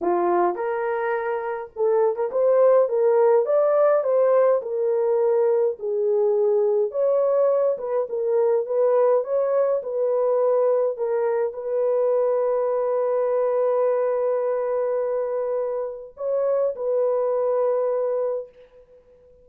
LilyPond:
\new Staff \with { instrumentName = "horn" } { \time 4/4 \tempo 4 = 104 f'4 ais'2 a'8. ais'16 | c''4 ais'4 d''4 c''4 | ais'2 gis'2 | cis''4. b'8 ais'4 b'4 |
cis''4 b'2 ais'4 | b'1~ | b'1 | cis''4 b'2. | }